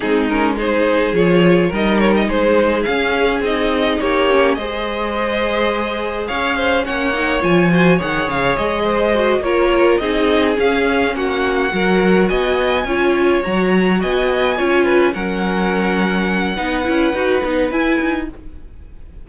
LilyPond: <<
  \new Staff \with { instrumentName = "violin" } { \time 4/4 \tempo 4 = 105 gis'8 ais'8 c''4 cis''4 dis''8 cis''16 dis''16 | c''4 f''4 dis''4 cis''4 | dis''2. f''4 | fis''4 gis''4 fis''8 f''8 dis''4~ |
dis''8 cis''4 dis''4 f''4 fis''8~ | fis''4. gis''2 ais''8~ | ais''8 gis''2 fis''4.~ | fis''2. gis''4 | }
  \new Staff \with { instrumentName = "violin" } { \time 4/4 dis'4 gis'2 ais'4 | gis'2. g'4 | c''2. cis''8 c''8 | cis''4. c''8 cis''4. c''8~ |
c''8 ais'4 gis'2 fis'8~ | fis'8 ais'4 dis''4 cis''4.~ | cis''8 dis''4 cis''8 b'8 ais'4.~ | ais'4 b'2. | }
  \new Staff \with { instrumentName = "viola" } { \time 4/4 c'8 cis'8 dis'4 f'4 dis'4~ | dis'4 cis'4 dis'4. cis'8 | gis'1 | cis'8 dis'8 f'8 fis'8 gis'2 |
fis'8 f'4 dis'4 cis'4.~ | cis'8 fis'2 f'4 fis'8~ | fis'4. f'4 cis'4.~ | cis'4 dis'8 e'8 fis'8 dis'8 e'4 | }
  \new Staff \with { instrumentName = "cello" } { \time 4/4 gis2 f4 g4 | gis4 cis'4 c'4 ais4 | gis2. cis'4 | ais4 f4 dis8 cis8 gis4~ |
gis8 ais4 c'4 cis'4 ais8~ | ais8 fis4 b4 cis'4 fis8~ | fis8 b4 cis'4 fis4.~ | fis4 b8 cis'8 dis'8 b8 e'8 dis'8 | }
>>